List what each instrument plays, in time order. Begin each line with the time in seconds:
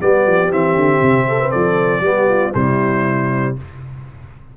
0.00 tuba G3, trombone B3, horn G4, trumpet D5
0.27 tuba F3
0.51 tuba E3, trombone C4, trumpet E5
0.75 tuba D3
1.02 tuba C3
1.28 horn A4
1.41 horn B4
1.50 tuba F3, horn A4, trumpet D5
2.00 tuba G3, trombone B3
2.08 horn G4
2.29 horn F4
2.54 tuba C3, trombone G3, horn E4, trumpet C5